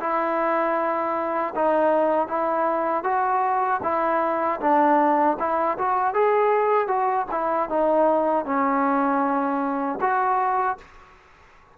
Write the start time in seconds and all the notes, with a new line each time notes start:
0.00 E4
1.55 D#4
2.28 E4
3.03 F#4
3.83 E4
4.60 D4
5.39 E4
5.78 F#4
6.14 G#4
6.87 F#4
7.31 E4
7.69 D#4
8.45 C#4
10.01 F#4